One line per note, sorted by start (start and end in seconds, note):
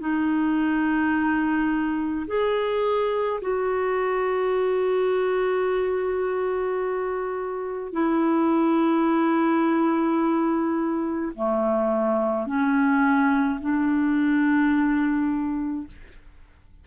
0.00 2.26 D#4
2.27 3.41 G#4
3.42 7.93 F#4
7.93 11.33 E4
11.36 12.47 A3
12.47 13.60 C#4
13.61 15.87 D4